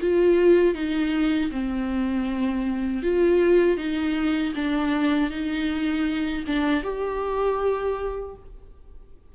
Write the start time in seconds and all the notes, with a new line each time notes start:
0.00 F4
0.74 D#4
1.51 C4
3.02 F4
3.77 D#4
4.55 D4
5.30 D#4
6.46 D4
6.83 G4